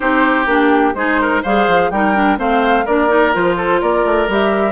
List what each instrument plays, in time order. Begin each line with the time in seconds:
0.00 bassoon C4, clarinet D#4, oboe G4, flute C5
0.45 bassoon A#3, clarinet D4, flute G4
0.94 bassoon G#3, clarinet D#4, oboe G#4, flute C5
1.21 oboe A#4
1.42 bassoon G3, clarinet G#4, oboe C5, flute F5
1.67 bassoon F3
1.90 bassoon G3, clarinet D#4, oboe A#4, flute G5
2.14 clarinet D4
2.37 bassoon A3, clarinet C4, oboe C5, flute F5
2.85 bassoon A#3, clarinet D4, oboe A#4, flute D5
3.08 clarinet D#4
3.33 bassoon F3, clarinet F4, flute C5
3.56 oboe A4
3.81 bassoon A#3, oboe A#4, flute D5
4.05 bassoon A3
4.27 bassoon G3, clarinet G4, flute E5